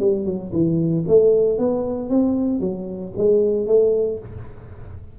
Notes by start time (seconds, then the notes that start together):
0.00 G3
0.26 F#3
0.53 E3
1.08 A3
1.59 B3
2.10 C4
2.60 F#3
3.18 G#3
3.67 A3